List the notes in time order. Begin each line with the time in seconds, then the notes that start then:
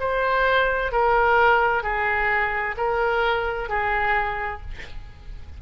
0.00 C5
0.92 A#4
1.83 G#4
2.77 A#4
3.69 G#4